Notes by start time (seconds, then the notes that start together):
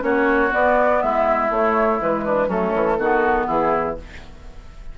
0.00 A#3 C#4 F#4 C#5
0.51 B3 D5
1.02 G#3 E4 E5
1.50 A3 C#5
1.99 E3 G#3 B4
2.24 D4
2.47 F#3 A3 C#4 A4
2.74 E3
2.98 D#3 B3 F#4
3.47 E3 E4 G#4